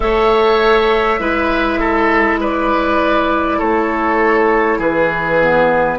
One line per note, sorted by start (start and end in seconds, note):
0.00 1.19 A3
0.00 1.18 A4
0.00 1.20 C#5
0.00 2.38 E5
1.19 3.59 G#3
1.19 5.39 E4
1.19 1.79 B4
1.79 2.39 A4
2.40 3.58 B4
2.40 3.59 D5
3.58 4.78 A3
3.58 4.78 A4
3.58 4.79 C#5
4.78 5.98 E3
4.78 5.98 G#4
4.78 5.99 B4
5.40 5.99 B3